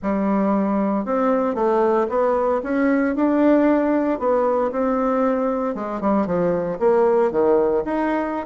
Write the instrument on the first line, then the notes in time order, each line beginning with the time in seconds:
bassoon
0.02 G3
1.05 C4
1.54 A3
2.09 B3
2.63 C#4
3.15 D4
4.19 B3
4.71 C4
5.74 G#3
6.00 G3
6.26 F3
6.79 A#3
7.31 D#3
7.85 D#4